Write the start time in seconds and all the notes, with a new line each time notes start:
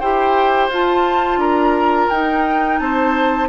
0.00 E4 G4 C5 G5
0.69 F4 A5
1.37 D4 A#4 A#5
2.10 D#4 G5
2.79 C4 C5 A5